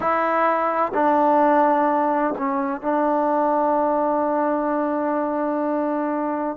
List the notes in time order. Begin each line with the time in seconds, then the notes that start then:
0.00 E4
0.94 D4
2.38 C#4
2.81 D4